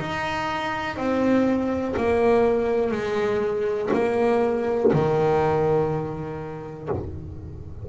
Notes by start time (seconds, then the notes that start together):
0.00 D#4
0.97 C4
1.97 A#3
2.92 G#3
3.93 A#3
4.93 D#3